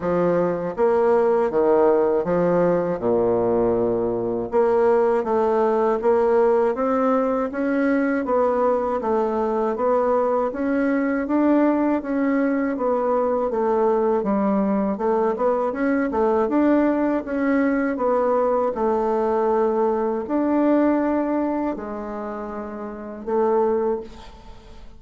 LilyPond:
\new Staff \with { instrumentName = "bassoon" } { \time 4/4 \tempo 4 = 80 f4 ais4 dis4 f4 | ais,2 ais4 a4 | ais4 c'4 cis'4 b4 | a4 b4 cis'4 d'4 |
cis'4 b4 a4 g4 | a8 b8 cis'8 a8 d'4 cis'4 | b4 a2 d'4~ | d'4 gis2 a4 | }